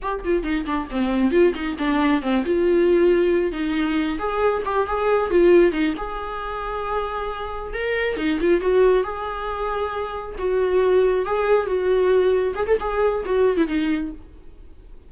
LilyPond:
\new Staff \with { instrumentName = "viola" } { \time 4/4 \tempo 4 = 136 g'8 f'8 dis'8 d'8 c'4 f'8 dis'8 | d'4 c'8 f'2~ f'8 | dis'4. gis'4 g'8 gis'4 | f'4 dis'8 gis'2~ gis'8~ |
gis'4. ais'4 dis'8 f'8 fis'8~ | fis'8 gis'2. fis'8~ | fis'4. gis'4 fis'4.~ | fis'8 gis'16 a'16 gis'4 fis'8. e'16 dis'4 | }